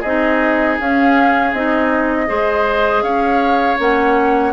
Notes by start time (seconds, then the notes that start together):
0.00 C4 D#4 G#4 D#5
0.79 C#4 F5
1.53 C4 D#4 D#5
2.27 G#3 G#4 C5
3.02 C#4 C#5 F5
3.79 A#3 C#4 F#5